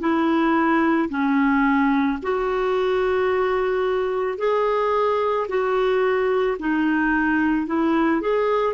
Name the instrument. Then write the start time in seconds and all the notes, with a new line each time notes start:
clarinet
0.00 E4
1.10 C#4
2.23 F#4
4.38 G#4
5.48 F#4
6.60 D#4
7.67 E4
8.21 G#4